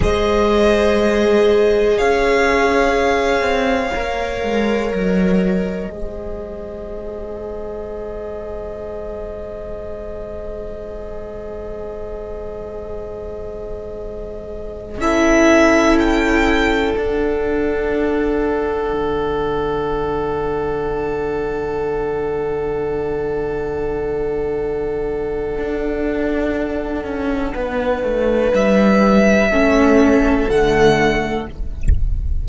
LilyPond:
<<
  \new Staff \with { instrumentName = "violin" } { \time 4/4 \tempo 4 = 61 dis''2 f''2~ | f''4 dis''2.~ | dis''1~ | dis''2.~ dis''16 e''8.~ |
e''16 g''4 fis''2~ fis''8.~ | fis''1~ | fis''1~ | fis''4 e''2 fis''4 | }
  \new Staff \with { instrumentName = "violin" } { \time 4/4 c''2 cis''2~ | cis''2 c''2~ | c''1~ | c''2.~ c''16 a'8.~ |
a'1~ | a'1~ | a'1 | b'2 a'2 | }
  \new Staff \with { instrumentName = "viola" } { \time 4/4 gis'1 | ais'2 gis'2~ | gis'1~ | gis'2.~ gis'16 e'8.~ |
e'4~ e'16 d'2~ d'8.~ | d'1~ | d'1~ | d'2 cis'4 a4 | }
  \new Staff \with { instrumentName = "cello" } { \time 4/4 gis2 cis'4. c'8 | ais8 gis8 fis4 gis2~ | gis1~ | gis2.~ gis16 cis'8.~ |
cis'4~ cis'16 d'2 d8.~ | d1~ | d2 d'4. cis'8 | b8 a8 g4 a4 d4 | }
>>